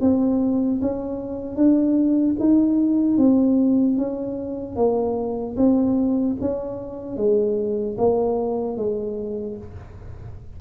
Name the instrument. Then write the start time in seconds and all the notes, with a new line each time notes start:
tuba
0.00 C4
0.81 C#4
1.56 D4
2.39 D#4
3.17 C4
3.97 C#4
4.75 A#3
5.56 C4
6.40 C#4
7.16 G#3
7.97 A#3
8.77 G#3